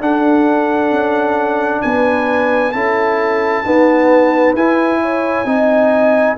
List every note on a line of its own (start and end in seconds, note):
0.00 0.91 D4
0.00 2.73 D4
0.00 1.84 A4
0.00 1.81 F#5
0.91 1.81 C#4
1.81 2.73 B3
1.81 2.73 B4
1.81 2.72 G#5
2.72 3.64 C#4
2.72 3.64 E4
2.72 3.64 A4
2.72 4.53 A5
3.64 4.57 B3
3.64 4.54 D#4
3.64 5.01 B4
4.54 5.45 E4
4.54 5.46 E4
4.54 6.37 G#5
5.02 5.47 C#5
5.45 6.36 C4
5.45 6.37 D#4
5.45 6.37 D#5